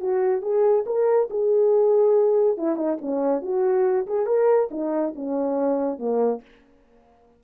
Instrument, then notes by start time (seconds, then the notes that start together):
horn
0.00 F#4
0.42 G#4
0.86 A#4
1.30 G#4
2.57 E4
2.76 D#4
3.01 C#4
3.42 F#4
4.06 G#4
4.26 A#4
4.71 D#4
5.15 C#4
5.98 A#3